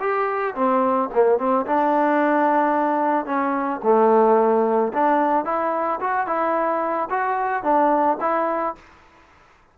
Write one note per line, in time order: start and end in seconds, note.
0.00 0.55 G4
0.55 1.09 C4
1.14 1.39 A#3
1.39 1.66 C4
1.66 3.26 D4
3.26 3.80 C#4
3.83 4.92 A3
4.93 5.45 D4
5.45 6.00 E4
6.00 6.27 F#4
6.27 7.09 E4
7.10 7.63 F#4
7.63 8.18 D4
8.21 8.75 E4